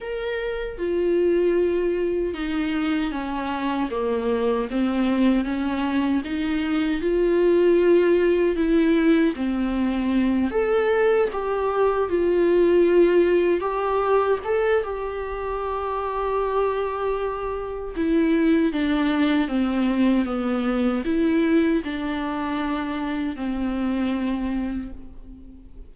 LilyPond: \new Staff \with { instrumentName = "viola" } { \time 4/4 \tempo 4 = 77 ais'4 f'2 dis'4 | cis'4 ais4 c'4 cis'4 | dis'4 f'2 e'4 | c'4. a'4 g'4 f'8~ |
f'4. g'4 a'8 g'4~ | g'2. e'4 | d'4 c'4 b4 e'4 | d'2 c'2 | }